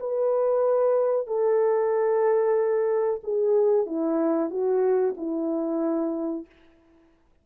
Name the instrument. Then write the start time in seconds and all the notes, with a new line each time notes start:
horn
0.00 B4
1.27 A4
3.23 G#4
3.86 E4
4.50 F#4
5.17 E4